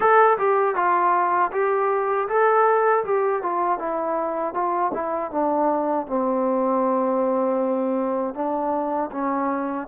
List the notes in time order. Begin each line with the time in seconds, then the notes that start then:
0.00 A4
0.38 G4
0.75 F4
1.52 G4
2.28 A4
3.04 G4
3.42 F4
3.78 E4
4.54 F4
4.93 E4
5.31 D4
6.07 C4
8.34 D4
9.11 C#4